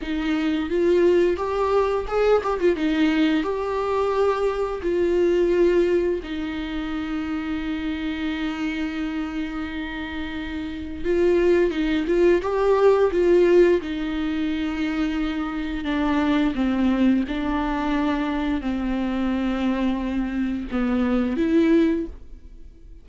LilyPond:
\new Staff \with { instrumentName = "viola" } { \time 4/4 \tempo 4 = 87 dis'4 f'4 g'4 gis'8 g'16 f'16 | dis'4 g'2 f'4~ | f'4 dis'2.~ | dis'1 |
f'4 dis'8 f'8 g'4 f'4 | dis'2. d'4 | c'4 d'2 c'4~ | c'2 b4 e'4 | }